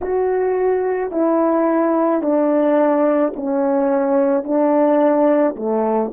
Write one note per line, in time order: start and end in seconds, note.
0.01 1.11 F#4
1.11 2.22 E4
2.22 3.33 D4
3.36 4.44 C#4
4.44 5.55 D4
5.56 6.11 A3